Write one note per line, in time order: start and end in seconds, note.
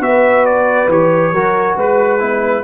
0.00 0.87 B3
0.00 0.89 F#4
0.00 1.33 B4
0.00 0.46 E5
0.46 0.89 D5
0.88 1.32 E3
0.88 1.34 G4
0.88 1.78 C#5
1.32 1.75 F#3
1.32 2.19 F#4
1.32 1.77 A#4
1.77 2.64 G#3
1.77 2.20 B4
1.77 2.64 B4
2.19 2.64 B3
2.19 2.63 E4